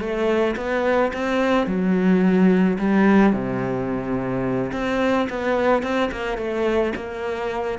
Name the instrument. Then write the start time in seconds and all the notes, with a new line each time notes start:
cello
0.00 A3
0.56 B3
1.13 C4
1.67 F#3
2.79 G3
3.33 C3
4.72 C4
5.30 B3
5.83 C4
6.12 A#3
6.38 A3
6.96 A#3